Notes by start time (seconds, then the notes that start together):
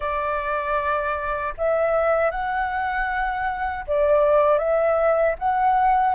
0.00 D5
1.57 E5
2.30 F#5
3.87 D5
4.58 E5
5.38 F#5